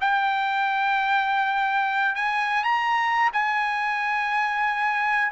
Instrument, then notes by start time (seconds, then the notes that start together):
trumpet
0.00 G5
2.15 G#5
2.63 A#5
3.32 G#5